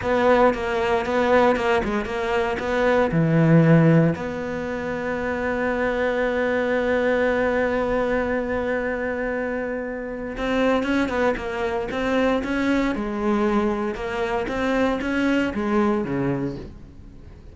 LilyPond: \new Staff \with { instrumentName = "cello" } { \time 4/4 \tempo 4 = 116 b4 ais4 b4 ais8 gis8 | ais4 b4 e2 | b1~ | b1~ |
b1 | c'4 cis'8 b8 ais4 c'4 | cis'4 gis2 ais4 | c'4 cis'4 gis4 cis4 | }